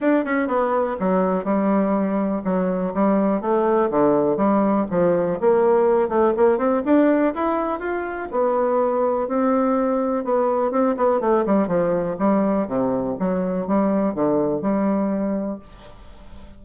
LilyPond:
\new Staff \with { instrumentName = "bassoon" } { \time 4/4 \tempo 4 = 123 d'8 cis'8 b4 fis4 g4~ | g4 fis4 g4 a4 | d4 g4 f4 ais4~ | ais8 a8 ais8 c'8 d'4 e'4 |
f'4 b2 c'4~ | c'4 b4 c'8 b8 a8 g8 | f4 g4 c4 fis4 | g4 d4 g2 | }